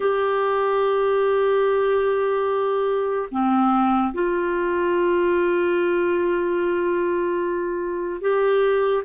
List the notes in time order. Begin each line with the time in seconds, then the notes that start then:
0.00 G4
3.31 C4
4.13 F4
8.21 G4